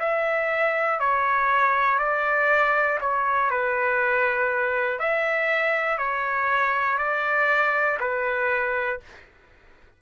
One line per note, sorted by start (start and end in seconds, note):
0.00 1.00 E5
1.00 1.99 C#5
1.99 2.99 D5
3.01 3.50 C#5
3.50 4.99 B4
4.99 5.98 E5
5.98 6.98 C#5
6.99 7.99 D5
8.00 9.00 B4